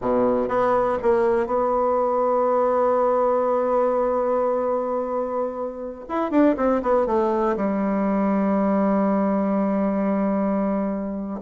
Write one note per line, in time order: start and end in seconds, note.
0.01 0.48 B2
0.48 0.98 B3
1.02 1.46 A#3
1.46 6.05 B3
6.09 6.30 E4
6.30 6.55 D4
6.56 6.81 C4
6.82 7.06 B3
7.06 7.56 A3
7.56 11.40 G3